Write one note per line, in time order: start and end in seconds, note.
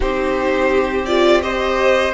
0.00 2.14 C4
0.00 1.05 D#4
0.00 1.43 G4
0.00 1.05 C5
1.05 1.41 F4
1.05 1.41 D5
1.41 2.13 G4
1.41 2.14 C5
1.41 2.13 D#5